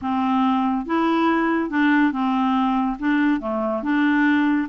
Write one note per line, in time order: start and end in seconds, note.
0.01 0.85 C4
0.85 1.70 E4
1.70 2.12 D4
2.12 2.97 C4
2.99 3.40 D4
3.40 3.82 A3
3.82 4.68 D4